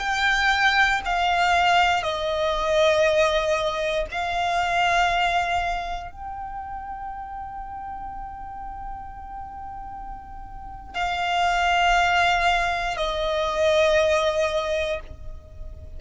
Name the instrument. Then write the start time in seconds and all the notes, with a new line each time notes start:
violin
0.00 G5
1.05 F5
2.03 D#5
4.11 F5
6.12 G5
10.95 F5
12.97 D#5